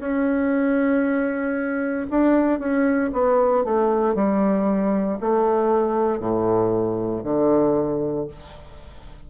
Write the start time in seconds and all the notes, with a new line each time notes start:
0.00 C#4
2.11 D4
2.60 C#4
3.13 B3
3.64 A3
4.15 G3
5.21 A3
6.20 A2
7.24 D3